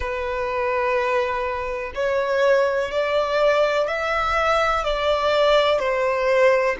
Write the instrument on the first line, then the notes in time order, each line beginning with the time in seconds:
violin
0.00 B4
1.94 C#5
2.91 D5
3.87 E5
4.84 D5
5.79 C5